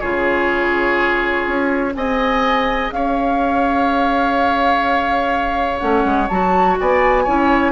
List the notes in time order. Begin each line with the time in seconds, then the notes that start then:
0.00 C#3 F4 G#4 C#5
1.47 C#4
1.92 C4 G#4 D#5 G#5
2.91 C#4 C#5 F5
5.79 A3 C#4 F#5
6.04 G#3
6.29 F#3 F#4 A5
6.80 B3 D5 G#5
7.24 C#4 E4 C#5